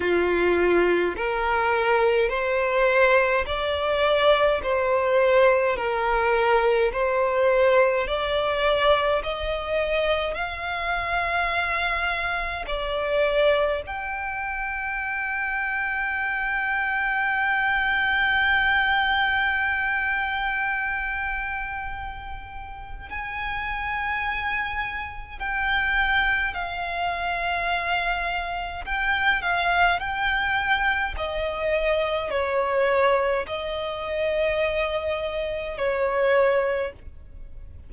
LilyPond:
\new Staff \with { instrumentName = "violin" } { \time 4/4 \tempo 4 = 52 f'4 ais'4 c''4 d''4 | c''4 ais'4 c''4 d''4 | dis''4 f''2 d''4 | g''1~ |
g''1 | gis''2 g''4 f''4~ | f''4 g''8 f''8 g''4 dis''4 | cis''4 dis''2 cis''4 | }